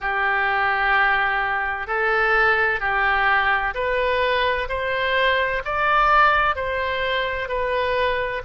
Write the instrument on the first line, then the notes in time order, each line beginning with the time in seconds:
oboe
0.00 G4
1.87 A4
2.80 G4
3.74 B4
4.68 C5
5.65 D5
6.55 C5
7.48 B4